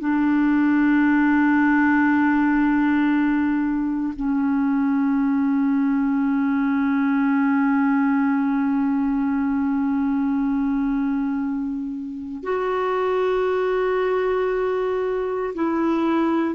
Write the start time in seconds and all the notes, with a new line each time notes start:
0.00 D4
4.16 C#4
12.44 F#4
15.55 E4